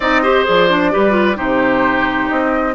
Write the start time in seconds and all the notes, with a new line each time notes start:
0.00 C4 D#4 D5 D#5
0.22 G4 C5
0.44 F3 G#4 D5
0.69 D4
0.92 G3 G4 B4
1.10 F4
1.36 C3 D#4 G4 C5
2.28 C4 D#5